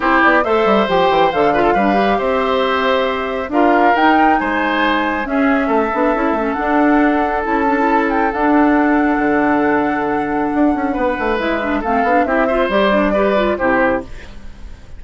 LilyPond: <<
  \new Staff \with { instrumentName = "flute" } { \time 4/4 \tempo 4 = 137 c''8 d''8 e''4 g''4 f''4~ | f''4 e''2. | f''4 g''4 gis''2 | e''2. fis''4~ |
fis''4 a''4. g''8 fis''4~ | fis''1~ | fis''2 e''4 f''4 | e''4 d''2 c''4 | }
  \new Staff \with { instrumentName = "oboe" } { \time 4/4 g'4 c''2~ c''8 b'16 a'16 | b'4 c''2. | ais'2 c''2 | gis'4 a'2.~ |
a'1~ | a'1~ | a'4 b'2 a'4 | g'8 c''4. b'4 g'4 | }
  \new Staff \with { instrumentName = "clarinet" } { \time 4/4 e'4 a'4 g'4 a'8 f'8 | d'8 g'2.~ g'8 | f'4 dis'2. | cis'4. d'8 e'8 cis'8 d'4~ |
d'4 e'8 d'16 e'4~ e'16 d'4~ | d'1~ | d'2 e'8 d'8 c'8 d'8 | e'8 f'8 g'8 d'8 g'8 f'8 e'4 | }
  \new Staff \with { instrumentName = "bassoon" } { \time 4/4 c'8 b8 a8 g8 f8 e8 d4 | g4 c'2. | d'4 dis'4 gis2 | cis'4 a8 b8 cis'8 a8 d'4~ |
d'4 cis'2 d'4~ | d'4 d2. | d'8 cis'8 b8 a8 gis4 a8 b8 | c'4 g2 c4 | }
>>